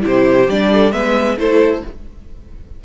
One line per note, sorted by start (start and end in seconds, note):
0.00 0.45 E4
0.00 0.71 G4
0.06 0.48 C3
0.06 0.50 C5
0.48 0.92 G3
0.48 0.92 D4
0.48 0.92 D5
0.73 0.94 A4
0.92 1.37 G#3
0.92 1.37 B3
0.92 1.38 B4
0.92 1.37 E5
1.37 1.82 A3
1.37 1.82 E4
1.37 1.83 A4
1.37 1.84 C5